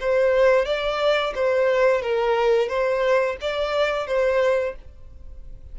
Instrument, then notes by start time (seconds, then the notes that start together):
violin
0.00 C5
0.65 D5
1.35 C5
2.01 A#4
2.68 C5
3.41 D5
4.07 C5